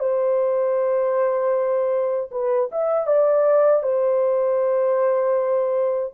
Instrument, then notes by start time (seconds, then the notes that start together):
horn
0.00 C5
2.32 B4
2.72 E5
3.07 D5
3.83 C5